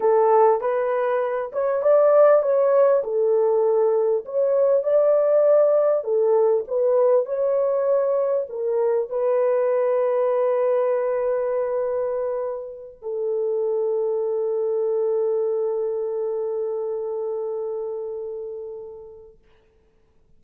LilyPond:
\new Staff \with { instrumentName = "horn" } { \time 4/4 \tempo 4 = 99 a'4 b'4. cis''8 d''4 | cis''4 a'2 cis''4 | d''2 a'4 b'4 | cis''2 ais'4 b'4~ |
b'1~ | b'4. a'2~ a'8~ | a'1~ | a'1 | }